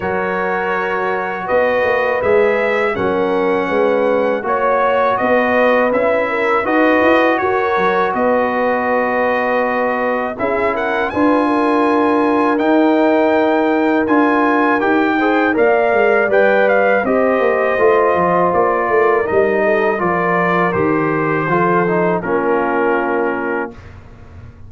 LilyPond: <<
  \new Staff \with { instrumentName = "trumpet" } { \time 4/4 \tempo 4 = 81 cis''2 dis''4 e''4 | fis''2 cis''4 dis''4 | e''4 dis''4 cis''4 dis''4~ | dis''2 e''8 fis''8 gis''4~ |
gis''4 g''2 gis''4 | g''4 f''4 g''8 f''8 dis''4~ | dis''4 d''4 dis''4 d''4 | c''2 ais'2 | }
  \new Staff \with { instrumentName = "horn" } { \time 4/4 ais'2 b'2 | ais'4 b'4 cis''4 b'4~ | b'8 ais'8 b'4 ais'4 b'4~ | b'2 gis'8 ais'8 b'8 ais'8~ |
ais'1~ | ais'8 c''8 d''2 c''4~ | c''4. ais'4 a'8 ais'4~ | ais'4 a'4 f'2 | }
  \new Staff \with { instrumentName = "trombone" } { \time 4/4 fis'2. gis'4 | cis'2 fis'2 | e'4 fis'2.~ | fis'2 e'4 f'4~ |
f'4 dis'2 f'4 | g'8 gis'8 ais'4 b'4 g'4 | f'2 dis'4 f'4 | g'4 f'8 dis'8 cis'2 | }
  \new Staff \with { instrumentName = "tuba" } { \time 4/4 fis2 b8 ais8 gis4 | fis4 gis4 ais4 b4 | cis'4 dis'8 e'8 fis'8 fis8 b4~ | b2 cis'4 d'4~ |
d'4 dis'2 d'4 | dis'4 ais8 gis8 g4 c'8 ais8 | a8 f8 ais8 a8 g4 f4 | dis4 f4 ais2 | }
>>